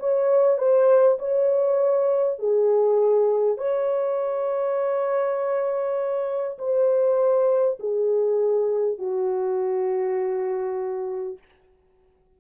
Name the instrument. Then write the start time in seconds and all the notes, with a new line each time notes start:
horn
0.00 C#5
0.59 C5
1.19 C#5
2.39 G#4
3.58 C#5
6.59 C5
7.80 G#4
8.99 F#4